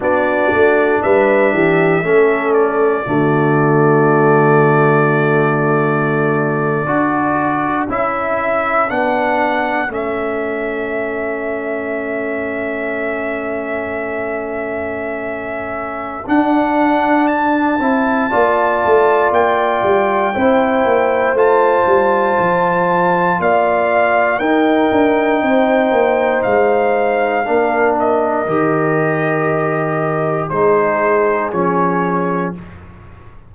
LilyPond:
<<
  \new Staff \with { instrumentName = "trumpet" } { \time 4/4 \tempo 4 = 59 d''4 e''4. d''4.~ | d''2.~ d''8. e''16~ | e''8. fis''4 e''2~ e''16~ | e''1 |
fis''4 a''2 g''4~ | g''4 a''2 f''4 | g''2 f''4. dis''8~ | dis''2 c''4 cis''4 | }
  \new Staff \with { instrumentName = "horn" } { \time 4/4 fis'4 b'8 g'8 a'4 fis'4~ | fis'2~ fis'8. a'4~ a'16~ | a'1~ | a'1~ |
a'2 d''2 | c''2. d''4 | ais'4 c''2 ais'4~ | ais'2 gis'2 | }
  \new Staff \with { instrumentName = "trombone" } { \time 4/4 d'2 cis'4 a4~ | a2~ a8. fis'4 e'16~ | e'8. d'4 cis'2~ cis'16~ | cis'1 |
d'4. e'8 f'2 | e'4 f'2. | dis'2. d'4 | g'2 dis'4 cis'4 | }
  \new Staff \with { instrumentName = "tuba" } { \time 4/4 b8 a8 g8 e8 a4 d4~ | d2~ d8. d'4 cis'16~ | cis'8. b4 a2~ a16~ | a1 |
d'4. c'8 ais8 a8 ais8 g8 | c'8 ais8 a8 g8 f4 ais4 | dis'8 d'8 c'8 ais8 gis4 ais4 | dis2 gis4 f4 | }
>>